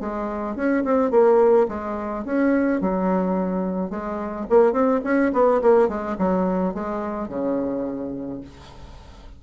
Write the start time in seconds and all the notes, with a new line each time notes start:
0.00 G#3
0.56 C#4
0.84 C4
1.10 A#3
1.68 G#3
2.25 C#4
2.81 F#3
3.90 G#3
4.50 A#3
4.72 C4
5.04 C#4
5.33 B3
5.62 A#3
5.88 G#3
6.18 F#3
6.74 G#3
7.28 C#3